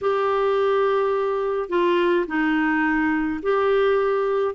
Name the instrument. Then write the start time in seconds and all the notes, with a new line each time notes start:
clarinet
0.01 G4
1.69 F4
2.27 D#4
3.42 G4